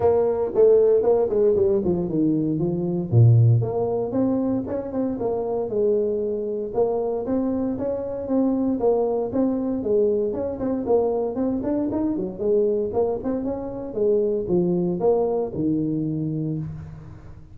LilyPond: \new Staff \with { instrumentName = "tuba" } { \time 4/4 \tempo 4 = 116 ais4 a4 ais8 gis8 g8 f8 | dis4 f4 ais,4 ais4 | c'4 cis'8 c'8 ais4 gis4~ | gis4 ais4 c'4 cis'4 |
c'4 ais4 c'4 gis4 | cis'8 c'8 ais4 c'8 d'8 dis'8 fis8 | gis4 ais8 c'8 cis'4 gis4 | f4 ais4 dis2 | }